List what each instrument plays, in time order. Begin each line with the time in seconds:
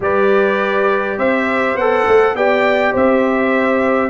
0.00 tuba G3, trombone G4, horn B4, trumpet D5
1.17 tuba C4, horn C5, trumpet E5
1.75 tuba B3, trombone A4, trumpet F#5
2.07 tuba A3
2.34 tuba B3, trombone G4, horn D5, trumpet G5
2.92 tuba C4, horn C5, trumpet E5